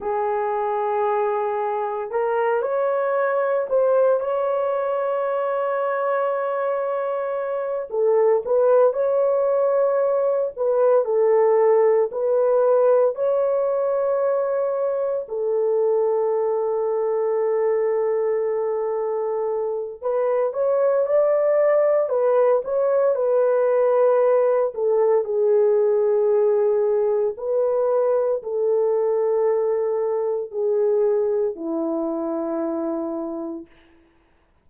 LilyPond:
\new Staff \with { instrumentName = "horn" } { \time 4/4 \tempo 4 = 57 gis'2 ais'8 cis''4 c''8 | cis''2.~ cis''8 a'8 | b'8 cis''4. b'8 a'4 b'8~ | b'8 cis''2 a'4.~ |
a'2. b'8 cis''8 | d''4 b'8 cis''8 b'4. a'8 | gis'2 b'4 a'4~ | a'4 gis'4 e'2 | }